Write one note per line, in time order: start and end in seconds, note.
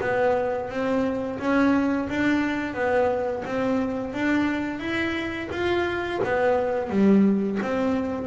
0.00 0.69 B3
0.69 1.38 C4
1.39 2.08 C#4
2.08 2.74 D4
2.74 3.43 B3
3.45 4.13 C4
4.13 4.79 D4
4.79 5.48 E4
5.51 6.20 F4
6.23 6.89 B3
6.89 7.58 G3
7.62 8.26 C4